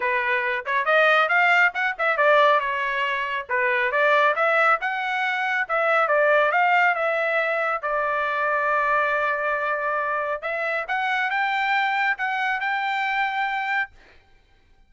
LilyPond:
\new Staff \with { instrumentName = "trumpet" } { \time 4/4 \tempo 4 = 138 b'4. cis''8 dis''4 f''4 | fis''8 e''8 d''4 cis''2 | b'4 d''4 e''4 fis''4~ | fis''4 e''4 d''4 f''4 |
e''2 d''2~ | d''1 | e''4 fis''4 g''2 | fis''4 g''2. | }